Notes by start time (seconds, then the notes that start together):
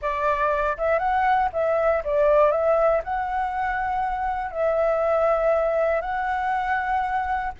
0.01 D5
0.77 E5
0.98 F#5
1.52 E5
2.04 D5
2.51 E5
3.04 F#5
4.51 E5
6.01 F#5